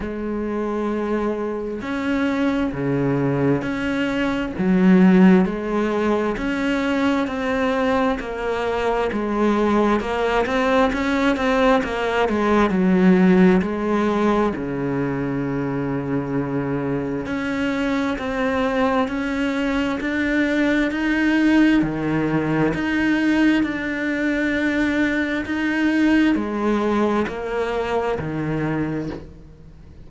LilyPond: \new Staff \with { instrumentName = "cello" } { \time 4/4 \tempo 4 = 66 gis2 cis'4 cis4 | cis'4 fis4 gis4 cis'4 | c'4 ais4 gis4 ais8 c'8 | cis'8 c'8 ais8 gis8 fis4 gis4 |
cis2. cis'4 | c'4 cis'4 d'4 dis'4 | dis4 dis'4 d'2 | dis'4 gis4 ais4 dis4 | }